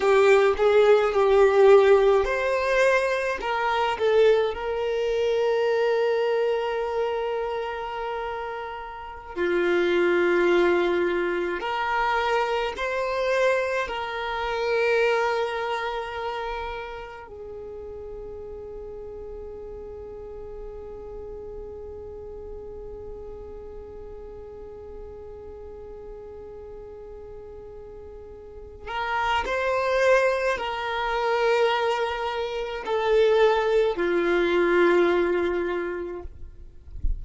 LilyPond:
\new Staff \with { instrumentName = "violin" } { \time 4/4 \tempo 4 = 53 g'8 gis'8 g'4 c''4 ais'8 a'8 | ais'1~ | ais'16 f'2 ais'4 c''8.~ | c''16 ais'2. gis'8.~ |
gis'1~ | gis'1~ | gis'4. ais'8 c''4 ais'4~ | ais'4 a'4 f'2 | }